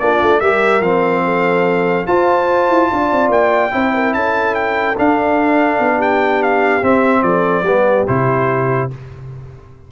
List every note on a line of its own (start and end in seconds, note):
0.00 0.22 A#3
0.00 0.43 D4
0.00 0.40 F4
0.00 0.41 D5
0.22 0.42 A3
0.40 0.81 G3
0.40 0.83 G4
0.40 1.23 A#4
0.40 0.82 E5
0.81 2.05 F3
0.81 2.07 C4
0.81 2.07 F5
1.25 2.07 A4
2.07 3.71 F4
2.07 2.70 F4
2.07 2.90 C5
2.07 3.31 A5
2.70 2.91 E4
2.92 3.12 D4
2.92 3.73 D5
3.12 3.30 C4
3.30 3.71 A#3
3.30 4.14 G5
3.71 4.15 C4
3.71 4.96 E4
3.71 3.94 C5
3.94 4.15 A#4
4.14 4.97 C#4
4.14 5.97 A4
4.14 4.55 A5
4.55 4.96 G5
4.98 6.82 D4
4.98 5.80 D4
4.98 6.02 F5
5.80 6.83 B3
5.97 7.21 G4
5.97 6.43 G5
6.43 6.84 F5
6.82 7.65 C4
6.82 7.23 C4
6.82 7.23 E5
7.23 7.63 F3
7.23 7.66 A4
7.23 8.06 D5
7.63 8.04 G3
7.63 8.08 B3
7.63 8.92 G4
8.08 8.92 C3
8.08 8.91 E4
8.08 8.91 C5